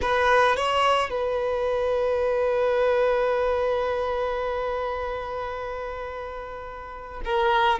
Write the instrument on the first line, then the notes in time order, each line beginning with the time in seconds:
violin
0.01 B4
0.56 C#5
1.10 B4
7.24 A#4